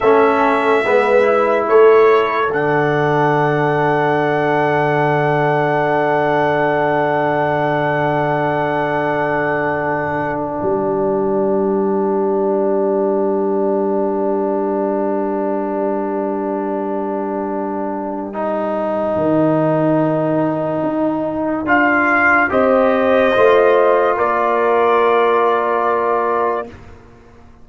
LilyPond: <<
  \new Staff \with { instrumentName = "trumpet" } { \time 4/4 \tempo 4 = 72 e''2 cis''4 fis''4~ | fis''1~ | fis''1~ | fis''8 g''2.~ g''8~ |
g''1~ | g''1~ | g''2 f''4 dis''4~ | dis''4 d''2. | }
  \new Staff \with { instrumentName = "horn" } { \time 4/4 a'4 b'4 a'2~ | a'1~ | a'1~ | a'8. ais'2.~ ais'16~ |
ais'1~ | ais'1~ | ais'2. c''4~ | c''4 ais'2. | }
  \new Staff \with { instrumentName = "trombone" } { \time 4/4 cis'4 b8 e'4. d'4~ | d'1~ | d'1~ | d'1~ |
d'1~ | d'2 dis'2~ | dis'2 f'4 g'4 | f'1 | }
  \new Staff \with { instrumentName = "tuba" } { \time 4/4 a4 gis4 a4 d4~ | d1~ | d1~ | d8. g2.~ g16~ |
g1~ | g2. dis4~ | dis4 dis'4 d'4 c'4 | a4 ais2. | }
>>